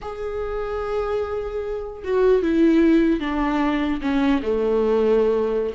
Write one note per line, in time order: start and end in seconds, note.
0.01 2.03 G#4
2.03 2.42 F#4
2.42 3.20 E4
3.20 4.00 D4
4.01 4.41 C#4
4.42 5.73 A3